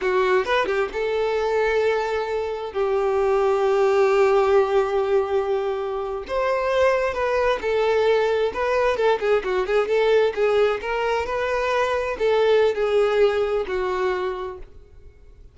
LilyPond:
\new Staff \with { instrumentName = "violin" } { \time 4/4 \tempo 4 = 132 fis'4 b'8 g'8 a'2~ | a'2 g'2~ | g'1~ | g'4.~ g'16 c''2 b'16~ |
b'8. a'2 b'4 a'16~ | a'16 gis'8 fis'8 gis'8 a'4 gis'4 ais'16~ | ais'8. b'2 a'4~ a'16 | gis'2 fis'2 | }